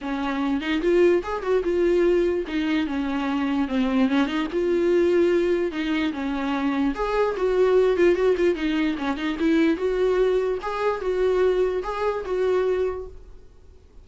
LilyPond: \new Staff \with { instrumentName = "viola" } { \time 4/4 \tempo 4 = 147 cis'4. dis'8 f'4 gis'8 fis'8 | f'2 dis'4 cis'4~ | cis'4 c'4 cis'8 dis'8 f'4~ | f'2 dis'4 cis'4~ |
cis'4 gis'4 fis'4. f'8 | fis'8 f'8 dis'4 cis'8 dis'8 e'4 | fis'2 gis'4 fis'4~ | fis'4 gis'4 fis'2 | }